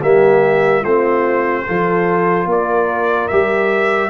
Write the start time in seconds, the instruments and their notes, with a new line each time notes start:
0.00 tuba G3, trombone A#3, horn G4, trumpet E5
0.81 tuba A3, trombone C4, horn F4, trumpet C5
1.65 tuba F3, trombone F4, horn A4
2.45 tuba A#3, horn A#4, trumpet D5
3.28 tuba G3, trombone G4, trumpet E5